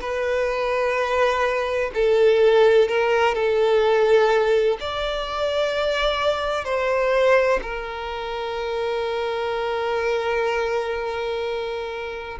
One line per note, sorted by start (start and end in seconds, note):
0.00 1.90 B4
1.94 2.88 A4
2.88 3.34 A#4
3.34 4.77 A4
4.80 6.65 D5
6.65 7.60 C5
7.62 12.38 A#4